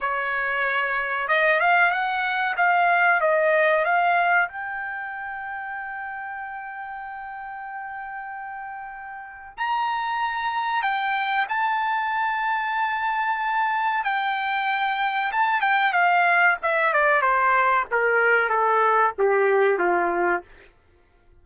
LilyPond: \new Staff \with { instrumentName = "trumpet" } { \time 4/4 \tempo 4 = 94 cis''2 dis''8 f''8 fis''4 | f''4 dis''4 f''4 g''4~ | g''1~ | g''2. ais''4~ |
ais''4 g''4 a''2~ | a''2 g''2 | a''8 g''8 f''4 e''8 d''8 c''4 | ais'4 a'4 g'4 f'4 | }